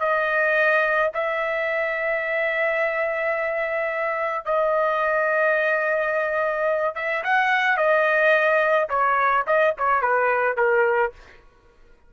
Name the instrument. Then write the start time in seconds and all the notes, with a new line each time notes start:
trumpet
0.00 D#5
1.15 E5
4.46 D#5
6.96 E5
7.24 F#5
7.78 D#5
8.90 C#5
9.47 D#5
9.79 C#5
10.02 B4
10.57 A#4